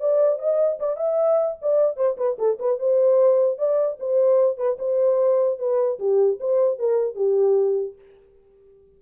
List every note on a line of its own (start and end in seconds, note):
0.00 0.39 D5
0.39 0.79 D#5
0.80 0.97 D5
0.97 1.57 E5
1.62 1.97 D5
1.97 2.17 C5
2.17 2.37 B4
2.39 2.59 A4
2.59 2.79 B4
2.79 3.58 C5
3.58 3.98 D5
4.00 4.57 C5
4.57 4.77 B4
4.79 5.59 C5
5.59 5.99 B4
5.99 6.39 G4
6.40 6.79 C5
6.79 7.15 A#4
7.15 7.95 G4